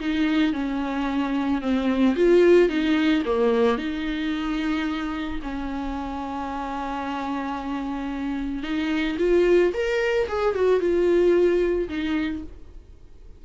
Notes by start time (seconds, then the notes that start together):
0.00 D#4
0.53 C#4
1.61 C4
2.16 F4
2.69 D#4
3.26 A#3
3.78 D#4
5.43 C#4
8.63 D#4
9.19 F4
9.73 A#4
10.28 G#4
10.55 F#4
10.80 F4
11.89 D#4